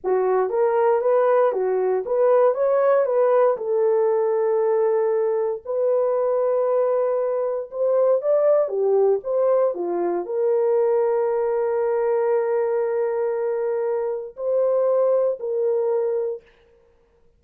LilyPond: \new Staff \with { instrumentName = "horn" } { \time 4/4 \tempo 4 = 117 fis'4 ais'4 b'4 fis'4 | b'4 cis''4 b'4 a'4~ | a'2. b'4~ | b'2. c''4 |
d''4 g'4 c''4 f'4 | ais'1~ | ais'1 | c''2 ais'2 | }